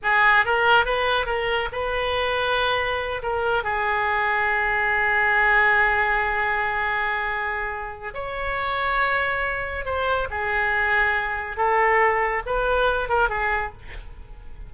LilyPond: \new Staff \with { instrumentName = "oboe" } { \time 4/4 \tempo 4 = 140 gis'4 ais'4 b'4 ais'4 | b'2.~ b'8 ais'8~ | ais'8 gis'2.~ gis'8~ | gis'1~ |
gis'2. cis''4~ | cis''2. c''4 | gis'2. a'4~ | a'4 b'4. ais'8 gis'4 | }